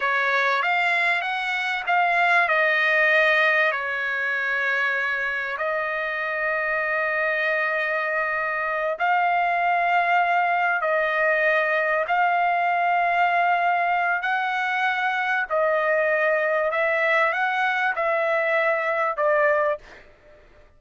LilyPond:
\new Staff \with { instrumentName = "trumpet" } { \time 4/4 \tempo 4 = 97 cis''4 f''4 fis''4 f''4 | dis''2 cis''2~ | cis''4 dis''2.~ | dis''2~ dis''8 f''4.~ |
f''4. dis''2 f''8~ | f''2. fis''4~ | fis''4 dis''2 e''4 | fis''4 e''2 d''4 | }